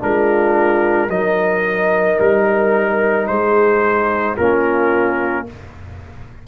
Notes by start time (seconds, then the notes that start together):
0.00 G#3 D4 F4 A#4
1.09 F#3 D#4 A#4 D#5
2.20 G3 A#4
3.27 G#3 G#4 C5
4.36 A#3 C#4 F4 A#4